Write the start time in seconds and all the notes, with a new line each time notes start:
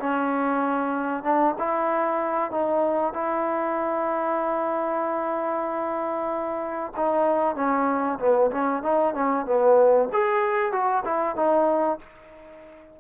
0.00 C#4
1.24 D4
1.59 E4
2.51 D#4
3.14 E4
6.97 D#4
7.56 C#4
8.20 B3
8.51 C#4
8.83 D#4
9.15 C#4
9.46 B3
10.13 G#4
10.73 F#4
11.05 E4
11.36 D#4